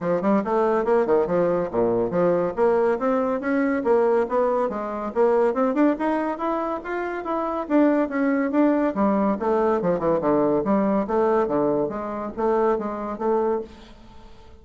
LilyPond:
\new Staff \with { instrumentName = "bassoon" } { \time 4/4 \tempo 4 = 141 f8 g8 a4 ais8 dis8 f4 | ais,4 f4 ais4 c'4 | cis'4 ais4 b4 gis4 | ais4 c'8 d'8 dis'4 e'4 |
f'4 e'4 d'4 cis'4 | d'4 g4 a4 f8 e8 | d4 g4 a4 d4 | gis4 a4 gis4 a4 | }